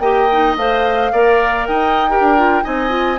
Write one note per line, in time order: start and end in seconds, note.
0.00 0.56 A#3
0.00 0.30 G4
0.00 1.13 D#5
0.00 0.56 G5
0.31 0.58 D#4
0.57 1.12 A3
0.57 1.14 C5
0.57 1.67 F5
1.13 1.68 A#3
1.13 2.10 A#4
1.13 1.68 D5
1.67 2.21 D#4
1.67 2.11 D#5
1.67 2.64 G5
2.10 2.37 G4
2.10 2.64 A#4
2.21 2.62 D4
2.37 2.63 F4
2.63 3.19 C4
2.63 2.89 D#4
2.63 3.19 D#5
2.63 3.19 G#5
2.89 3.17 F4